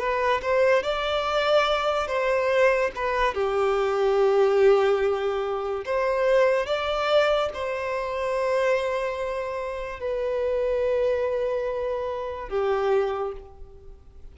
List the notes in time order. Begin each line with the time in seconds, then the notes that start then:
0.00 B4
0.42 C5
0.84 D5
2.08 C5
2.96 B4
3.34 G4
5.86 C5
6.67 D5
7.54 C5
10.00 B4
12.49 G4